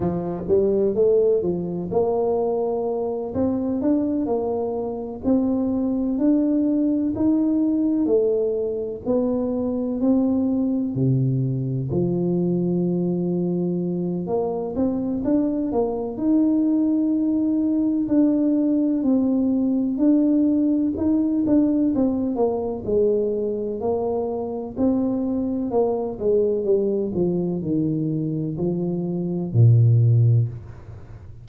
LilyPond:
\new Staff \with { instrumentName = "tuba" } { \time 4/4 \tempo 4 = 63 f8 g8 a8 f8 ais4. c'8 | d'8 ais4 c'4 d'4 dis'8~ | dis'8 a4 b4 c'4 c8~ | c8 f2~ f8 ais8 c'8 |
d'8 ais8 dis'2 d'4 | c'4 d'4 dis'8 d'8 c'8 ais8 | gis4 ais4 c'4 ais8 gis8 | g8 f8 dis4 f4 ais,4 | }